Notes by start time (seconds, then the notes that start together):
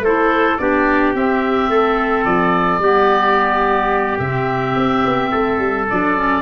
0.00 A3 A4 C5
0.06 E4
0.58 B3 D4 G4 D5
1.15 C4 E5
1.69 A3 A4
2.25 F3 D5
2.79 G3 B3 G4
4.19 C3 C4 E5
4.76 C4
5.05 B3
5.31 A3 A4
5.59 G3
5.90 F#3 D4 D5
6.16 C#4